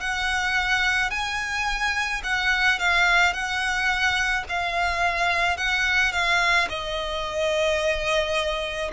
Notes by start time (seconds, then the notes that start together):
0.00 F#5
1.10 G#5
2.23 F#5
2.79 F5
3.33 F#5
4.48 F5
5.57 F#5
6.12 F5
6.69 D#5